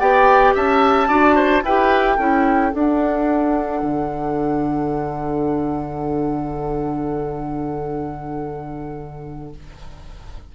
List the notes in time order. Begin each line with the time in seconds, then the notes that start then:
0.00 B3 G4 D5 G5
0.55 C#4 E5 A5
1.08 D4 F#4 D5
1.35 C5
1.63 E4 G4 B4 G5
2.16 C#4 E4 A4
2.72 D4 F#5
3.82 D3